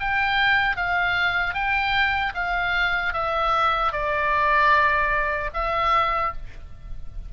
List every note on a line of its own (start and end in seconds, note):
0.00 0.76 G5
0.76 1.54 F5
1.54 2.33 G5
2.34 3.13 F5
3.13 3.92 E5
3.92 5.50 D5
5.54 6.33 E5